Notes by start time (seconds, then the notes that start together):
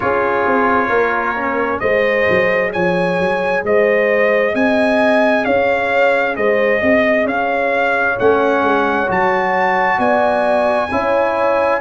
0.00 C#4 F4 G#4 C#5
0.46 C4
0.88 A#3 A#4
1.36 C#4
1.79 G#3 G#4 C5 D#5
2.29 F#3
2.72 F3 C#5 G#5
3.19 F#3
3.63 G#3 C5 D#5
4.54 C4 D#5 G#5
5.44 C#4 C#5 F5
6.36 G#3 C5 D#5
6.80 C4 D#5
7.25 C#4 C#5 F5
8.19 A3 C#4 F#5
8.62 G#3
9.07 F#3 F#4 A5
9.98 B3 D5 G#5
10.91 C#4 E4 C#5